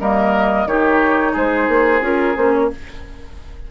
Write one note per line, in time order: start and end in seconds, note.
0.00 0.66 G3
0.00 0.67 A#3
0.00 0.67 A#4
0.00 0.67 D#5
0.66 1.34 D#3
0.66 2.01 D#4
0.66 1.32 G4
0.66 1.35 C#5
1.32 1.68 G#3
1.32 2.67 G#4
1.32 2.04 C5
1.68 2.01 A#3
2.01 2.34 C#4
2.01 2.35 F4
2.01 2.37 A#4
2.37 2.71 A#3
2.37 2.70 C#4
2.37 2.53 C5
2.53 2.70 C#5